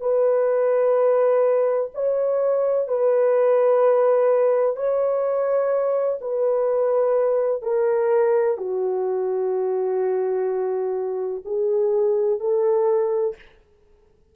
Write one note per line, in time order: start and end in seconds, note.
0.00 1.90 B4
1.94 2.88 C#5
2.88 4.76 B4
4.76 6.19 C#5
6.21 7.62 B4
7.62 8.58 A#4
8.58 11.43 F#4
11.45 12.40 G#4
12.40 13.35 A4